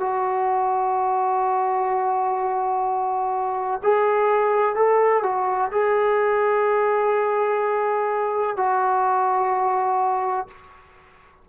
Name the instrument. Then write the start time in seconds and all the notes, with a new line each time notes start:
trombone
0.00 F#4
3.83 G#4
4.76 A4
5.23 F#4
5.71 G#4
8.57 F#4